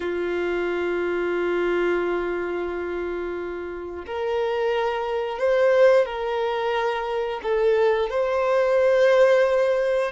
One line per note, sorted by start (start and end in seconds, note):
0.00 4.04 F4
4.06 5.38 A#4
5.38 6.05 C5
6.05 7.40 A#4
7.42 8.10 A4
8.10 10.11 C5